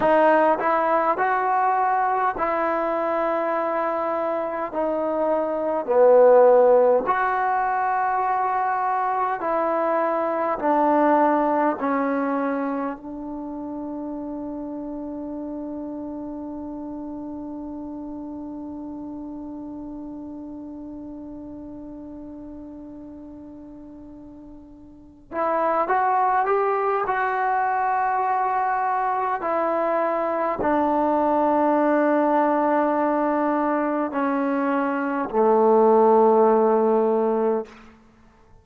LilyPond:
\new Staff \with { instrumentName = "trombone" } { \time 4/4 \tempo 4 = 51 dis'8 e'8 fis'4 e'2 | dis'4 b4 fis'2 | e'4 d'4 cis'4 d'4~ | d'1~ |
d'1~ | d'4. e'8 fis'8 g'8 fis'4~ | fis'4 e'4 d'2~ | d'4 cis'4 a2 | }